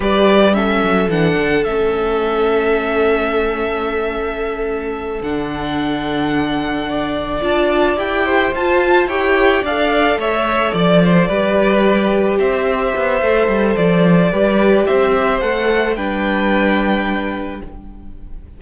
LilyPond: <<
  \new Staff \with { instrumentName = "violin" } { \time 4/4 \tempo 4 = 109 d''4 e''4 fis''4 e''4~ | e''1~ | e''4. fis''2~ fis''8~ | fis''4. a''4 g''4 a''8~ |
a''8 g''4 f''4 e''4 d''8~ | d''2~ d''8 e''4.~ | e''4 d''2 e''4 | fis''4 g''2. | }
  \new Staff \with { instrumentName = "violin" } { \time 4/4 b'4 a'2.~ | a'1~ | a'1~ | a'8 d''2~ d''8 c''4~ |
c''8 cis''4 d''4 cis''4 d''8 | c''8 b'2 c''4.~ | c''2 b'4 c''4~ | c''4 b'2. | }
  \new Staff \with { instrumentName = "viola" } { \time 4/4 g'4 cis'4 d'4 cis'4~ | cis'1~ | cis'4. d'2~ d'8~ | d'4. f'4 g'4 f'8~ |
f'8 g'4 a'2~ a'8~ | a'8 g'2.~ g'8 | a'2 g'2 | a'4 d'2. | }
  \new Staff \with { instrumentName = "cello" } { \time 4/4 g4. fis8 e8 d8 a4~ | a1~ | a4. d2~ d8~ | d4. d'4 e'4 f'8~ |
f'8 e'4 d'4 a4 f8~ | f8 g2 c'4 b8 | a8 g8 f4 g4 c'4 | a4 g2. | }
>>